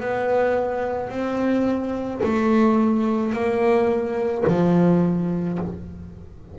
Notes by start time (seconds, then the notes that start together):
0.00 B3
1.09 C4
2.23 A3
3.32 A#3
4.47 F3